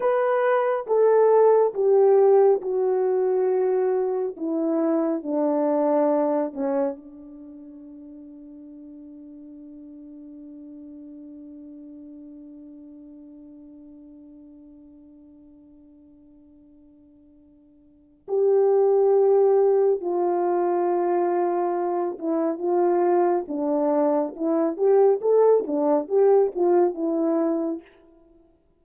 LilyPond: \new Staff \with { instrumentName = "horn" } { \time 4/4 \tempo 4 = 69 b'4 a'4 g'4 fis'4~ | fis'4 e'4 d'4. cis'8 | d'1~ | d'1~ |
d'1~ | d'4 g'2 f'4~ | f'4. e'8 f'4 d'4 | e'8 g'8 a'8 d'8 g'8 f'8 e'4 | }